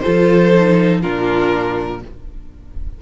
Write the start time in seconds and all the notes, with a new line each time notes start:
0.00 F4 A4 C5
0.07 F3
0.54 D#4
1.01 A#2 D4 F4 A#4